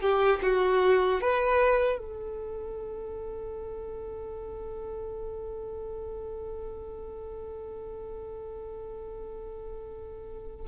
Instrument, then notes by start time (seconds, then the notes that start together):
violin
0.00 G4
0.42 F#4
1.20 B4
1.98 A4